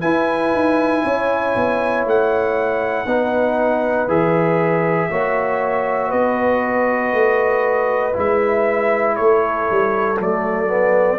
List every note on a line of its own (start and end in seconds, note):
0.00 3.06 E4
0.00 0.53 E4
0.00 1.02 B4
0.00 2.04 G#5
0.53 1.04 D#4
1.04 1.55 C#4
1.04 3.07 C#5
1.56 2.05 B3
2.05 3.06 A3
2.05 4.10 F#5
3.06 4.07 B3
3.06 4.08 D#4
3.06 5.10 B4
4.08 5.09 E3
4.08 5.10 G#4
4.08 6.11 E5
5.10 6.12 A#3
5.10 8.13 F#4
5.10 6.09 C#5
6.09 7.13 B3
6.09 9.14 B4
6.09 8.15 D#5
7.13 8.15 A3
8.13 9.19 G#3
8.13 10.16 E4
8.13 9.16 E5
9.16 9.70 A3
9.16 11.19 A4
9.16 10.18 C#5
9.71 10.19 G3
10.18 11.19 F#3
10.18 10.67 A3
10.18 11.19 D5
10.67 11.18 B3